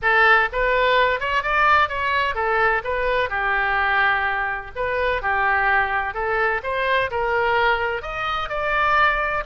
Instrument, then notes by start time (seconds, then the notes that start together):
oboe
0.02 A4
0.52 B4
1.20 C#5
1.42 D5
1.89 C#5
2.34 A4
2.83 B4
3.29 G4
4.75 B4
5.22 G4
6.14 A4
6.63 C5
7.10 A#4
8.02 D#5
8.49 D5